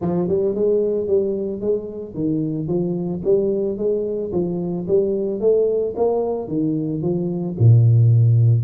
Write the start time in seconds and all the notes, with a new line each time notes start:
0.01 F3
0.28 G3
0.54 G#3
1.07 G3
1.60 G#3
2.14 D#3
2.67 F3
3.24 G3
3.77 G#3
4.32 F3
4.87 G3
5.40 A3
5.96 A#3
6.47 D#3
7.01 F3
7.58 A#2